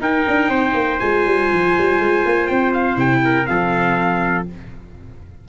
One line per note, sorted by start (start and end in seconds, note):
0.00 0.25 D#4
0.00 0.99 D#4
0.00 0.50 A#4
0.00 0.99 G5
0.27 0.49 D4
0.49 0.74 C4
0.49 3.22 C5
0.74 0.99 A#3
0.99 1.26 G#3
0.99 2.96 F4
0.99 2.47 G#5
1.26 1.50 G3
1.52 1.77 F3
1.78 1.99 G3
1.99 2.24 G#3
2.25 2.50 A#3
2.47 2.96 C4
2.47 2.72 G5
2.74 2.98 F5
2.96 3.46 C3
2.96 3.45 E4
2.96 3.46 G5
3.24 3.49 A#4
3.45 4.48 F3
3.45 4.44 C4
3.45 4.48 A4
3.45 4.45 F5